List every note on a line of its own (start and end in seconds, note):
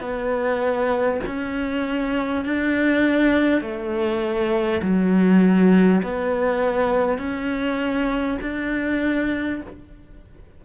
0.00 1.20 B3
1.26 2.44 C#4
2.44 3.61 D4
3.61 4.81 A3
4.82 6.02 F#3
6.02 7.18 B3
7.18 8.38 C#4
8.41 9.61 D4